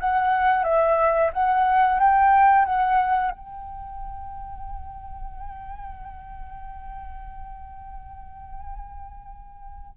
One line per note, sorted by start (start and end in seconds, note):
0.00 0.64 F#5
0.64 1.31 E5
1.33 2.00 F#5
2.00 2.65 G5
2.65 3.31 F#5
3.31 9.98 G5